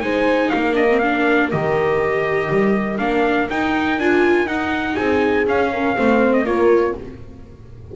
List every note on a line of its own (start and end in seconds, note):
0.00 0.51 G#3
0.00 0.73 D#4
0.00 0.52 C5
0.00 0.49 G#5
0.49 1.52 A#3
0.49 4.96 A#4
0.49 0.74 F5
0.73 0.85 D4
0.73 0.98 D#5
0.89 1.02 C4
0.98 1.51 D4
0.98 1.48 F5
1.51 2.50 D#3
1.51 2.98 G4
1.51 2.98 D#5
2.50 2.98 G3
2.98 3.48 A#3
2.98 3.47 D4
2.98 3.47 F5
3.49 3.98 D#4
3.49 4.00 D#4
3.49 3.99 G5
3.98 4.45 D4
3.98 4.46 F4
3.98 4.47 G#5
4.45 4.95 D#4
4.45 5.45 D#4
4.45 4.95 F#5
4.95 5.46 C4
4.95 5.70 G#4
4.95 5.45 G#5
5.46 5.95 C#4
5.46 5.96 C#4
5.46 6.33 F5
5.72 5.96 A#4
5.95 6.44 A3
5.95 6.45 C4
5.95 6.45 C5
6.33 6.45 D#5
6.44 6.93 A#3
6.44 6.95 F4
6.44 6.94 A#4
6.44 6.95 C#5